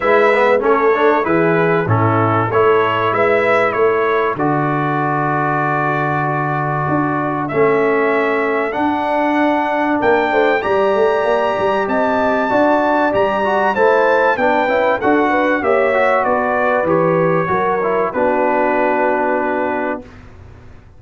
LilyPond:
<<
  \new Staff \with { instrumentName = "trumpet" } { \time 4/4 \tempo 4 = 96 e''4 cis''4 b'4 a'4 | cis''4 e''4 cis''4 d''4~ | d''1 | e''2 fis''2 |
g''4 ais''2 a''4~ | a''4 ais''4 a''4 g''4 | fis''4 e''4 d''4 cis''4~ | cis''4 b'2. | }
  \new Staff \with { instrumentName = "horn" } { \time 4/4 b'4 a'4 gis'4 e'4 | a'4 b'4 a'2~ | a'1~ | a'1 |
ais'8 c''8 d''2 dis''4 | d''2 c''4 b'4 | a'8 b'8 cis''4 b'2 | ais'4 fis'2. | }
  \new Staff \with { instrumentName = "trombone" } { \time 4/4 e'8 b8 cis'8 d'8 e'4 cis'4 | e'2. fis'4~ | fis'1 | cis'2 d'2~ |
d'4 g'2. | fis'4 g'8 fis'8 e'4 d'8 e'8 | fis'4 g'8 fis'4. g'4 | fis'8 e'8 d'2. | }
  \new Staff \with { instrumentName = "tuba" } { \time 4/4 gis4 a4 e4 a,4 | a4 gis4 a4 d4~ | d2. d'4 | a2 d'2 |
ais8 a8 g8 a8 ais8 g8 c'4 | d'4 g4 a4 b8 cis'8 | d'4 ais4 b4 e4 | fis4 b2. | }
>>